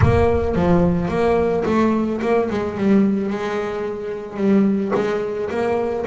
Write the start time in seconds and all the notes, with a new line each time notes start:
0.01 A#3
0.55 F3
1.08 A#3
1.65 A3
2.21 A#3
2.49 G#3
2.77 G3
3.30 G#3
4.36 G3
4.94 G#3
5.50 A#3